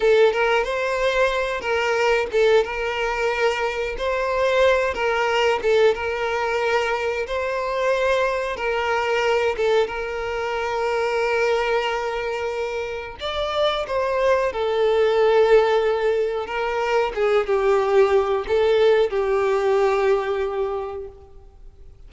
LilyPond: \new Staff \with { instrumentName = "violin" } { \time 4/4 \tempo 4 = 91 a'8 ais'8 c''4. ais'4 a'8 | ais'2 c''4. ais'8~ | ais'8 a'8 ais'2 c''4~ | c''4 ais'4. a'8 ais'4~ |
ais'1 | d''4 c''4 a'2~ | a'4 ais'4 gis'8 g'4. | a'4 g'2. | }